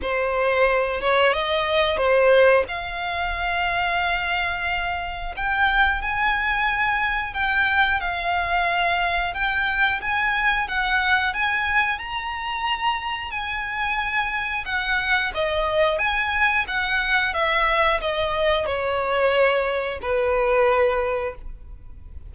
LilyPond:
\new Staff \with { instrumentName = "violin" } { \time 4/4 \tempo 4 = 90 c''4. cis''8 dis''4 c''4 | f''1 | g''4 gis''2 g''4 | f''2 g''4 gis''4 |
fis''4 gis''4 ais''2 | gis''2 fis''4 dis''4 | gis''4 fis''4 e''4 dis''4 | cis''2 b'2 | }